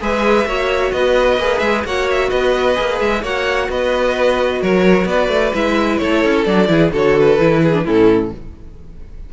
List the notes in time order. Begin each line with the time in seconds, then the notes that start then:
0.00 G#3 G#4 B4 E5
0.45 A#3 F#4 C#5
0.92 B3 B4 D#5
1.38 A#3 G#4
1.58 G#3 E5
1.85 A#3 F#4 C#5 F#5
2.10 E5
2.29 B3 B4 D#5
2.75 A#3 G#4
3.00 G#3 E5
3.22 A#3 F#4 C#5 F#5
3.69 B3 B4 D#5
4.61 F#3 A#4 C#5
5.05 B3 B4 D5
5.28 A3
5.54 G#3 E4 E5
5.98 A3 A4 C#5
6.25 C#4
6.45 F#3 D4 D5
6.67 E3 E4 G#4
6.92 D3 F#4 A4 C#5
7.19 B4
7.38 E3 E4
7.63 G#4
7.73 D4
7.84 A2 C#4 E4 A4